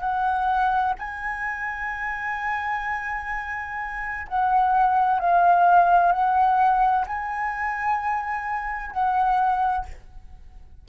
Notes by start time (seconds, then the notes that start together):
0.00 F#5
0.99 G#5
4.28 F#5
5.20 F5
6.12 F#5
7.07 G#5
8.91 F#5